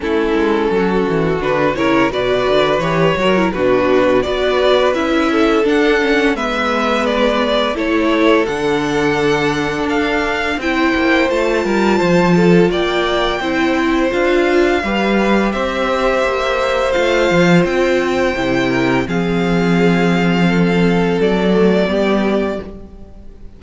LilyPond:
<<
  \new Staff \with { instrumentName = "violin" } { \time 4/4 \tempo 4 = 85 a'2 b'8 cis''8 d''4 | cis''4 b'4 d''4 e''4 | fis''4 e''4 d''4 cis''4 | fis''2 f''4 g''4 |
a''2 g''2 | f''2 e''2 | f''4 g''2 f''4~ | f''2 d''2 | }
  \new Staff \with { instrumentName = "violin" } { \time 4/4 e'4 fis'4. ais'8 b'4~ | b'8 ais'8 fis'4 b'4. a'8~ | a'4 b'2 a'4~ | a'2. c''4~ |
c''8 ais'8 c''8 a'8 d''4 c''4~ | c''4 b'4 c''2~ | c''2~ c''8 ais'8 gis'4~ | gis'4 a'2 g'4 | }
  \new Staff \with { instrumentName = "viola" } { \time 4/4 cis'2 d'8 e'8 fis'4 | g'8 fis'16 e'16 d'4 fis'4 e'4 | d'8 cis'8 b2 e'4 | d'2. e'4 |
f'2. e'4 | f'4 g'2. | f'2 e'4 c'4~ | c'2~ c'8 a8 b4 | }
  \new Staff \with { instrumentName = "cello" } { \time 4/4 a8 gis8 fis8 e8 d8 cis8 b,8 d8 | e8 fis8 b,4 b4 cis'4 | d'4 gis2 a4 | d2 d'4 c'8 ais8 |
a8 g8 f4 ais4 c'4 | d'4 g4 c'4 ais4 | a8 f8 c'4 c4 f4~ | f2 fis4 g4 | }
>>